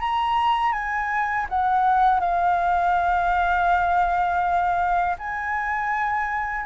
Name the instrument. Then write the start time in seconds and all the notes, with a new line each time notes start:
flute
0.00 A#5
0.72 G#5
1.49 F#5
2.20 F5
5.19 G#5